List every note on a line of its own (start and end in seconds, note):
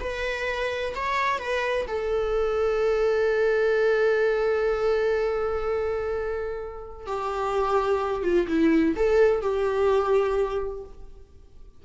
0.00 0.94 B4
0.95 1.39 C#5
1.39 1.86 B4
1.88 7.07 A4
7.07 8.23 G4
8.23 8.47 F4
8.48 8.95 E4
8.96 9.42 A4
9.42 10.84 G4